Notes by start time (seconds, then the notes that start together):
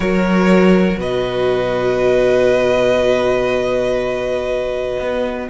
0.00 F#3 F#4 A#4 C#5
0.97 B2 B4 D#5
4.99 B3